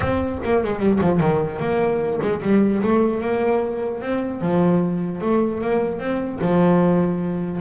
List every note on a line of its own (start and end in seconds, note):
0.00 0.39 C4
0.44 0.63 A#3
0.63 0.79 G#3
0.79 0.99 G3
1.01 1.20 F3
1.20 1.59 D#3
1.59 2.19 A#3
2.21 2.41 G#3
2.41 2.81 G3
2.82 3.21 A3
3.21 4.01 A#3
4.01 4.41 C4
4.41 5.21 F3
5.21 5.61 A3
5.61 5.99 A#3
5.99 6.39 C4
6.41 7.60 F3